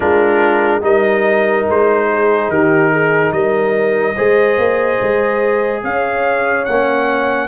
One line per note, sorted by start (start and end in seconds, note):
0.00 0.82 G#3
0.00 0.81 D4
0.00 0.80 F4
0.00 0.82 A#4
0.81 1.65 G3
0.81 4.14 D#4
0.81 2.09 A#4
0.81 1.66 D#5
1.69 2.48 G#3
1.69 2.50 C5
2.10 2.50 G#4
2.48 3.32 D#3
2.48 2.91 G4
2.48 3.32 A#4
2.91 3.32 G#4
3.32 4.15 G3
3.32 4.15 A#4
3.32 5.82 D#5
4.15 4.57 G#3
4.15 6.66 G#4
4.15 5.82 C5
4.57 4.99 A#3
5.01 5.83 G#3
5.83 6.67 C#4
5.83 7.47 C#5
5.83 6.65 F5
6.65 7.47 A#3
6.65 7.47 C#4
6.65 7.47 F#5